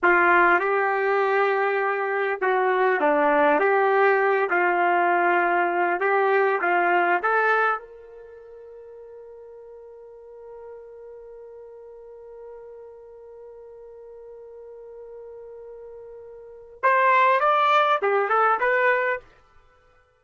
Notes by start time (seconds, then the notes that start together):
0.02 F4
0.59 G4
2.41 F#4
3.00 D4
3.59 G4
4.50 F4
6.00 G4
6.61 F4
7.22 A4
7.78 A#4
16.82 C5
17.40 D5
18.02 G4
18.29 A4
18.60 B4